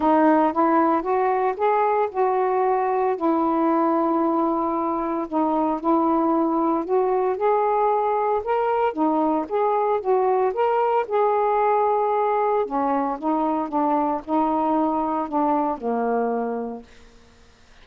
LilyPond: \new Staff \with { instrumentName = "saxophone" } { \time 4/4 \tempo 4 = 114 dis'4 e'4 fis'4 gis'4 | fis'2 e'2~ | e'2 dis'4 e'4~ | e'4 fis'4 gis'2 |
ais'4 dis'4 gis'4 fis'4 | ais'4 gis'2. | cis'4 dis'4 d'4 dis'4~ | dis'4 d'4 ais2 | }